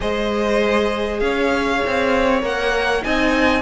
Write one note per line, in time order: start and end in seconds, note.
0.00 1.20 G#3
0.00 2.40 G#4
0.00 1.22 C5
0.00 1.19 D#5
1.19 1.81 C#4
1.19 3.05 C#5
1.19 2.40 F5
1.86 2.42 C4
2.41 3.03 A#3
2.41 3.02 A#4
2.41 3.03 F#5
3.02 3.62 C4
3.02 3.62 D#4
3.02 3.62 D#5
3.02 3.62 G#5